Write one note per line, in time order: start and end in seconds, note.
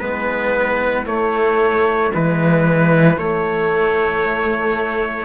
0.00 1.06 G#3
0.00 1.06 B3
0.00 5.25 E4
0.00 1.05 B4
1.06 2.11 A3
1.06 2.12 A3
1.06 2.12 C#5
2.11 3.17 E3
2.11 3.16 G#3
2.11 3.19 B4
3.17 5.25 A3
3.17 5.25 C#5